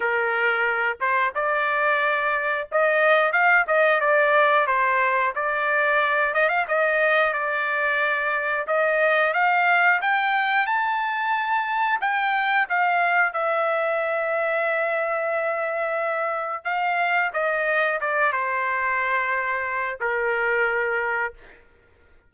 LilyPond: \new Staff \with { instrumentName = "trumpet" } { \time 4/4 \tempo 4 = 90 ais'4. c''8 d''2 | dis''4 f''8 dis''8 d''4 c''4 | d''4. dis''16 f''16 dis''4 d''4~ | d''4 dis''4 f''4 g''4 |
a''2 g''4 f''4 | e''1~ | e''4 f''4 dis''4 d''8 c''8~ | c''2 ais'2 | }